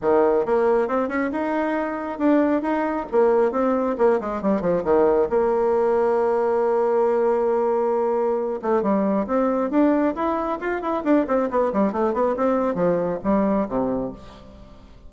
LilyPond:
\new Staff \with { instrumentName = "bassoon" } { \time 4/4 \tempo 4 = 136 dis4 ais4 c'8 cis'8 dis'4~ | dis'4 d'4 dis'4 ais4 | c'4 ais8 gis8 g8 f8 dis4 | ais1~ |
ais2.~ ais8 a8 | g4 c'4 d'4 e'4 | f'8 e'8 d'8 c'8 b8 g8 a8 b8 | c'4 f4 g4 c4 | }